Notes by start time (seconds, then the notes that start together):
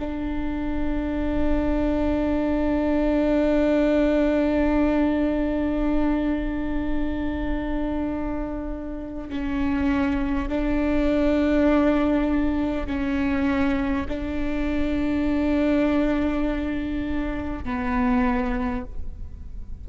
0.00 D4
9.30 C#4
10.49 D4
12.87 C#4
14.09 D4
17.65 B3